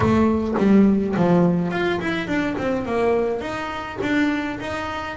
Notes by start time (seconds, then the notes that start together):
0.00 A3
0.58 G3
1.16 F3
1.71 F4
2.01 E4
2.27 D4
2.58 C4
2.85 A#3
3.41 D#4
4.02 D4
4.60 D#4